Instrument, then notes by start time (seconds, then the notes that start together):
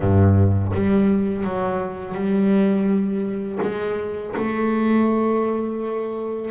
double bass
0.00 G2
0.74 G3
1.44 F#3
2.14 G3
3.61 G#3
4.36 A3